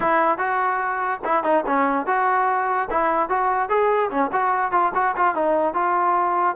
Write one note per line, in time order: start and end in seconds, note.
0.00 0.38 E4
0.38 1.20 F#4
1.24 1.43 E4
1.43 1.64 D#4
1.66 2.06 C#4
2.06 2.88 F#4
2.90 3.29 E4
3.29 3.69 F#4
3.69 4.10 G#4
4.10 4.31 C#4
4.32 4.71 F#4
4.71 4.92 F4
4.94 5.15 F#4
5.16 5.34 F4
5.34 5.73 D#4
5.73 6.56 F4